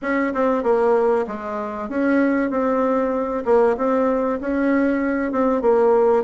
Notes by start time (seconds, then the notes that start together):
0.01 C#4
0.34 C4
0.63 A#3
1.27 G#3
1.89 C#4
2.50 C4
3.45 A#3
3.77 C4
4.40 C#4
5.32 C4
5.61 A#3